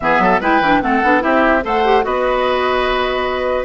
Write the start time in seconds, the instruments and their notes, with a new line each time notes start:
0.00 bassoon E3, clarinet B3, oboe G#4, flute E5
0.19 bassoon F#3, oboe A4
0.40 bassoon G#3, clarinet E4, oboe B4, flute G5
0.60 bassoon E3, clarinet D4
0.81 bassoon A3, clarinet C4, oboe A4, flute F#5
1.03 bassoon B3, clarinet D4
1.20 bassoon C4, clarinet E4, oboe G4, flute E5
1.62 bassoon A3, clarinet A4, oboe C5, flute F#5
1.84 clarinet G4
2.02 bassoon B3, clarinet F#4, oboe B4, flute D#5